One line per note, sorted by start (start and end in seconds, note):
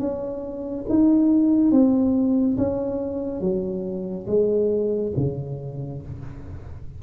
0.00 0.86 C#4
0.89 1.72 D#4
1.72 2.58 C4
2.58 3.41 C#4
3.41 4.27 F#3
4.27 5.13 G#3
5.17 6.03 C#3